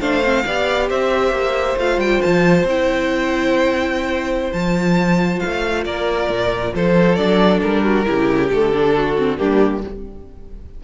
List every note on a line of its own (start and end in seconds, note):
0.00 0.44 A3
0.00 0.23 D4
0.00 0.44 C5
0.00 0.89 F5
0.24 0.46 C4
0.46 0.90 B3
0.46 1.79 G4
0.46 0.89 D5
0.89 1.32 C4
0.89 5.85 C5
0.89 1.78 E5
1.32 1.76 A#3
1.77 1.98 A3
1.77 2.67 F4
1.77 2.00 F5
1.98 2.20 G3
1.98 2.22 G5
2.22 2.64 F3
2.22 2.66 A5
2.64 4.51 C4
2.64 4.56 E4
2.64 4.53 G5
4.53 5.42 F3
4.53 7.18 F4
4.53 5.40 A5
5.40 5.86 A3
5.40 5.84 F5
5.85 6.29 A#3
5.85 6.74 A#4
5.85 6.73 D5
6.29 6.74 A#2
6.75 7.18 F3
6.75 7.83 A4
6.75 7.16 C5
7.16 7.62 F#3
7.16 8.05 D4
7.16 7.60 D5
7.61 8.08 G3
7.61 8.49 A#4
7.83 8.05 F#4
8.05 8.52 C#3
8.05 8.49 E4
8.05 8.95 G4
8.51 9.40 D3
8.51 8.73 A3
8.51 9.37 A4
8.73 9.17 D4
8.97 9.39 F#4
9.18 9.38 C4
9.37 9.84 G3
9.37 9.82 A#3
9.37 9.83 D4
9.37 9.82 G4